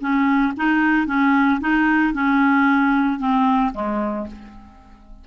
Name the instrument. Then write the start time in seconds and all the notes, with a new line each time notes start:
clarinet
0.00 C#4
0.56 D#4
1.06 C#4
1.60 D#4
2.13 C#4
3.19 C4
3.74 G#3